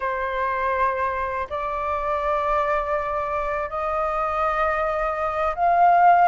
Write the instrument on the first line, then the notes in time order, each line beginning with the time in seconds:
flute
0.00 C5
1.49 D5
3.69 D#5
5.55 F5